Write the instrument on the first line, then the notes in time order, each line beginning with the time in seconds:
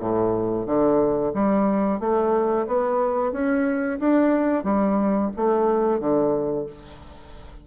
bassoon
0.00 A2
0.67 D3
1.35 G3
2.00 A3
2.67 B3
3.33 C#4
4.00 D4
4.65 G3
5.37 A3
6.00 D3